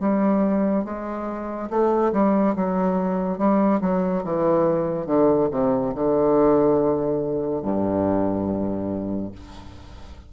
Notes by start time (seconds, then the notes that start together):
0.00 G3
0.85 G#3
1.70 A3
2.12 G3
2.56 F#3
3.38 G3
3.81 F#3
4.24 E3
5.06 D3
5.51 C3
5.95 D3
7.62 G2